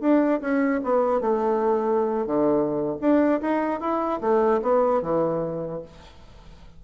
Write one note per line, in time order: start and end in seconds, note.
0.00 0.40 D4
0.40 0.80 C#4
0.83 1.21 B3
1.21 2.26 A3
2.26 2.96 D3
3.01 3.41 D4
3.41 3.80 D#4
3.80 4.20 E4
4.20 4.60 A3
4.61 5.01 B3
5.01 5.81 E3